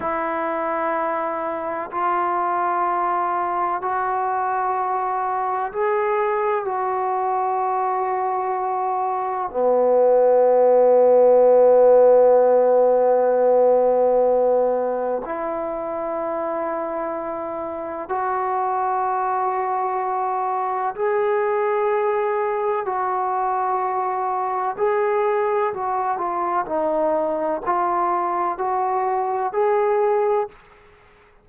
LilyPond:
\new Staff \with { instrumentName = "trombone" } { \time 4/4 \tempo 4 = 63 e'2 f'2 | fis'2 gis'4 fis'4~ | fis'2 b2~ | b1 |
e'2. fis'4~ | fis'2 gis'2 | fis'2 gis'4 fis'8 f'8 | dis'4 f'4 fis'4 gis'4 | }